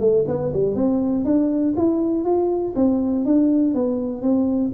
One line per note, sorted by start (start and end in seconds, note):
0.00 0.25 A3
0.28 0.53 B3
0.53 0.76 G3
0.76 1.25 C4
1.25 1.74 D4
1.77 2.24 E4
2.24 2.74 F4
2.76 3.25 C4
3.25 3.74 D4
3.74 4.22 B3
4.22 4.72 C4